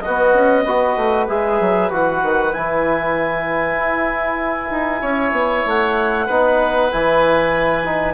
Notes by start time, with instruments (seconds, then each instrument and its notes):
0.00 oboe F#4, clarinet D#5
0.06 trombone B3, bassoon B3
0.34 bassoon C#4
0.64 bassoon B3, trombone F#4, oboe B4
0.96 bassoon A3
1.28 bassoon G#3, trombone G#4, clarinet E5
1.60 bassoon F#3
1.90 bassoon E3, trombone F#4, clarinet F#5
2.23 bassoon D#3
2.53 bassoon E3, trombone E4, clarinet G#5
3.77 bassoon E4
4.70 bassoon D#4
5.01 bassoon C#4, oboe C#5
5.32 bassoon B3
5.66 bassoon A3, clarinet F#5
6.26 bassoon B3, trombone D#4, oboe B4
6.91 bassoon E3, trombone E4, clarinet G#5
7.85 trombone D#4